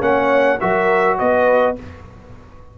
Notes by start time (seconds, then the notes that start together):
0.00 A#3 C#4 C#5 F#5
0.60 F#3 F#4 A#4 E5
1.18 B3 B4 D#5